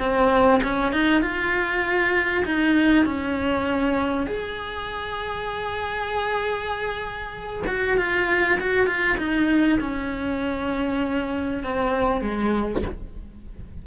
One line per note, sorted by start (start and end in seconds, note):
0.00 0.61 C4
0.63 0.92 C#4
0.92 1.22 D#4
1.22 2.44 F4
2.45 3.05 D#4
3.05 4.27 C#4
4.27 7.64 G#4
7.67 7.98 F#4
7.98 8.59 F4
8.60 8.87 F#4
8.87 9.17 F4
9.18 9.79 D#4
9.80 11.64 C#4
11.64 12.21 C4
12.21 12.82 G#3